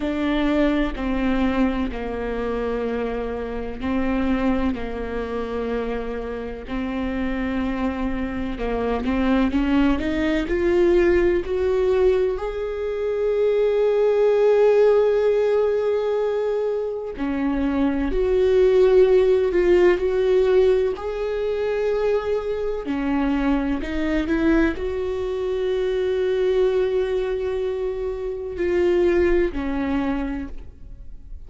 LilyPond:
\new Staff \with { instrumentName = "viola" } { \time 4/4 \tempo 4 = 63 d'4 c'4 ais2 | c'4 ais2 c'4~ | c'4 ais8 c'8 cis'8 dis'8 f'4 | fis'4 gis'2.~ |
gis'2 cis'4 fis'4~ | fis'8 f'8 fis'4 gis'2 | cis'4 dis'8 e'8 fis'2~ | fis'2 f'4 cis'4 | }